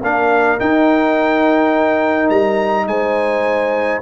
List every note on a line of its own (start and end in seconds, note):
0.00 0.59 A#3
0.00 0.59 D4
0.00 2.86 A#4
0.00 0.59 F5
0.59 4.02 D#4
0.59 2.30 D#4
0.59 2.29 G5
2.29 2.87 G3
2.29 2.87 A#5
2.87 4.01 G#3
2.87 4.02 C5
2.87 4.02 G#5